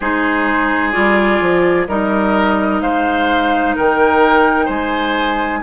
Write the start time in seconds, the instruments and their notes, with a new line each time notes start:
0.00 bassoon G#3, clarinet D#4, oboe G#4, flute C5
0.92 bassoon G3, clarinet F4, flute D5
1.40 bassoon F3
1.88 bassoon G3, clarinet D#4, oboe A#4, flute D#5
2.81 bassoon G#3, oboe C5, flute F5
3.75 bassoon D#3, oboe A#4, flute G5
4.65 bassoon G#3, oboe C5, flute G#5